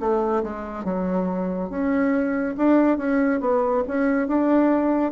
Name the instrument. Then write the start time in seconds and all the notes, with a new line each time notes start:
bassoon
0.00 A3
0.43 G#3
0.84 F#3
1.69 C#4
2.57 D4
2.98 C#4
3.41 B3
3.88 C#4
4.28 D4